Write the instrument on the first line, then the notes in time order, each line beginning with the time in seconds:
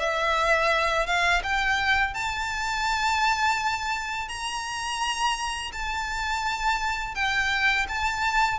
violin
0.00 E5
1.06 F5
1.44 G5
2.14 A5
4.29 A#5
5.73 A5
7.15 G5
7.89 A5